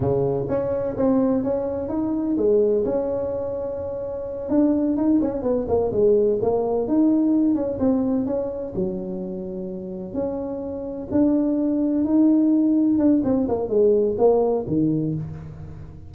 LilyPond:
\new Staff \with { instrumentName = "tuba" } { \time 4/4 \tempo 4 = 127 cis4 cis'4 c'4 cis'4 | dis'4 gis4 cis'2~ | cis'4. d'4 dis'8 cis'8 b8 | ais8 gis4 ais4 dis'4. |
cis'8 c'4 cis'4 fis4.~ | fis4. cis'2 d'8~ | d'4. dis'2 d'8 | c'8 ais8 gis4 ais4 dis4 | }